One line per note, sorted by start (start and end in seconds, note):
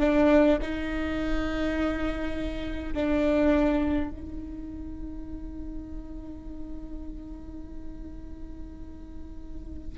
0.00 0.59 D4
0.62 2.94 D#4
2.94 4.11 D4
4.11 9.98 D#4